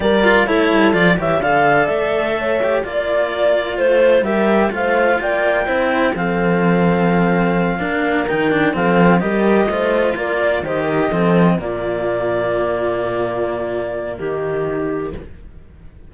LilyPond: <<
  \new Staff \with { instrumentName = "clarinet" } { \time 4/4 \tempo 4 = 127 d''4 cis''4 d''8 e''8 f''4 | e''2 d''2 | c''4 e''4 f''4 g''4~ | g''4 f''2.~ |
f''4. g''4 f''4 dis''8~ | dis''4. d''4 dis''4.~ | dis''8 d''2.~ d''8~ | d''2 g'2 | }
  \new Staff \with { instrumentName = "horn" } { \time 4/4 ais'4 a'4. cis''8 d''4~ | d''4 cis''4 d''2 | c''4 ais'4 c''4 d''4 | c''4 a'2.~ |
a'8 ais'2 a'4 ais'8~ | ais'8 c''4 ais'8 d''8 c''8 ais'8 a'8~ | a'8 f'2.~ f'8~ | f'2 dis'2 | }
  \new Staff \with { instrumentName = "cello" } { \time 4/4 g'8 f'8 e'4 f'8 g'8 a'4~ | a'4. g'8 f'2~ | f'4 g'4 f'2 | e'4 c'2.~ |
c'8 d'4 dis'8 d'8 c'4 g'8~ | g'8 f'2 g'4 c'8~ | c'8 ais2.~ ais8~ | ais1 | }
  \new Staff \with { instrumentName = "cello" } { \time 4/4 g4 a8 g8 f8 e8 d4 | a2 ais2 | a4 g4 a4 ais4 | c'4 f2.~ |
f8 ais4 dis4 f4 g8~ | g8 a4 ais4 dis4 f8~ | f8 ais,2.~ ais,8~ | ais,2 dis2 | }
>>